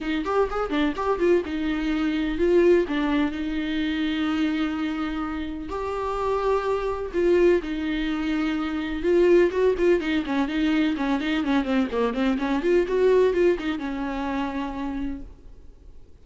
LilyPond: \new Staff \with { instrumentName = "viola" } { \time 4/4 \tempo 4 = 126 dis'8 g'8 gis'8 d'8 g'8 f'8 dis'4~ | dis'4 f'4 d'4 dis'4~ | dis'1 | g'2. f'4 |
dis'2. f'4 | fis'8 f'8 dis'8 cis'8 dis'4 cis'8 dis'8 | cis'8 c'8 ais8 c'8 cis'8 f'8 fis'4 | f'8 dis'8 cis'2. | }